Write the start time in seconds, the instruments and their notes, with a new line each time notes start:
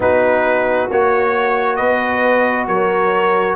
0.00 tuba B3, trombone D#4, horn F#4, trumpet B4
0.90 tuba A#3, trombone F#4, trumpet C#5
1.76 tuba B3, horn B4, trumpet D#5
2.67 tuba F#3, horn A#4, trumpet C#5